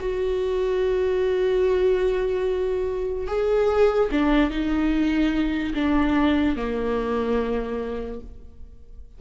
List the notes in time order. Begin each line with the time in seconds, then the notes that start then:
0.00 F#4
3.27 G#4
4.12 D4
4.51 D#4
5.75 D4
6.56 A#3